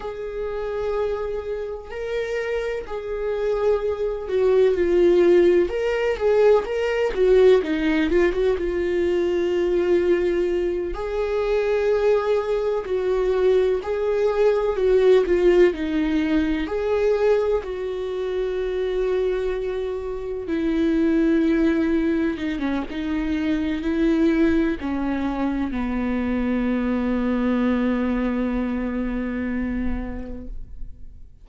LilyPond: \new Staff \with { instrumentName = "viola" } { \time 4/4 \tempo 4 = 63 gis'2 ais'4 gis'4~ | gis'8 fis'8 f'4 ais'8 gis'8 ais'8 fis'8 | dis'8 f'16 fis'16 f'2~ f'8 gis'8~ | gis'4. fis'4 gis'4 fis'8 |
f'8 dis'4 gis'4 fis'4.~ | fis'4. e'2 dis'16 cis'16 | dis'4 e'4 cis'4 b4~ | b1 | }